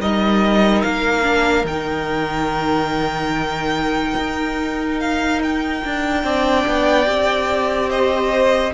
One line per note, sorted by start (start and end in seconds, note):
0.00 0.83 G3
0.00 1.22 D#4
0.00 6.24 A#4
0.00 0.81 D#5
0.81 1.64 A#3
0.81 1.65 F5
1.22 1.64 D4
1.64 4.14 D#3
1.64 6.22 D#4
1.64 4.99 G5
4.16 5.82 D#4
4.99 5.41 F5
5.42 7.90 G5
5.84 6.23 D4
6.22 6.65 C4
6.22 7.05 D4
6.22 7.89 D5
6.66 7.07 B3
7.05 8.73 C4
7.05 8.71 G4
7.89 8.72 C5
7.89 8.73 D#5